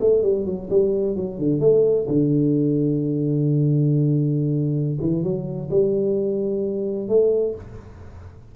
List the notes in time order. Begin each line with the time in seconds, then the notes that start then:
0.00 A3
0.22 G3
0.45 F#3
0.70 G3
1.16 F#3
1.38 D3
1.60 A3
2.07 D3
5.00 E3
5.23 F#3
5.70 G3
7.08 A3